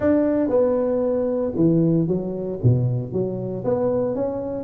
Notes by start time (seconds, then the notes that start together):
0.00 D4
0.49 B3
1.55 E3
2.07 F#3
2.63 B2
3.12 F#3
3.64 B3
4.15 C#4